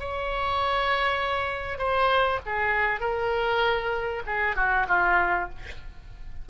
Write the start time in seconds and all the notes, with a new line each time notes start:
0.00 C#5
1.78 C5
2.46 G#4
3.00 A#4
4.27 G#4
4.56 F#4
4.88 F4